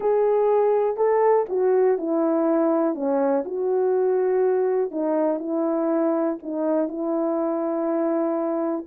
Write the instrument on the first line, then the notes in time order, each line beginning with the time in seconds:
horn
0.00 G#4
0.96 A4
1.49 F#4
1.97 E4
2.95 C#4
3.45 F#4
4.91 D#4
5.39 E4
6.42 D#4
6.88 E4